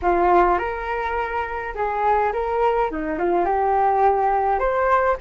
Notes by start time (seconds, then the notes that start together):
0.02 F4
0.58 A#4
1.74 G#4
2.32 A#4
2.90 D#4
3.18 F4
3.45 G4
4.59 C5